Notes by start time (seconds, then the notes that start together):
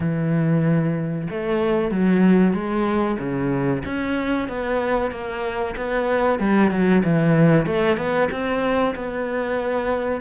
0.00 E3
1.29 A3
1.91 F#3
2.53 G#3
3.19 C#3
3.85 C#4
4.48 B3
5.11 A#3
5.76 B3
6.39 G3
6.71 F#3
7.04 E3
7.66 A3
7.97 B3
8.31 C4
8.95 B3